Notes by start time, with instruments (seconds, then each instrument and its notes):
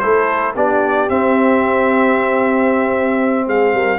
0.00 tuba A3, trombone E4, horn A4, trumpet C5
0.55 tuba B3, trombone D4, horn G4, trumpet D5
1.09 trombone C4, tuba C4, trumpet E5
3.47 tuba G#3, horn G#4, trumpet F5
3.74 tuba G3, horn A#4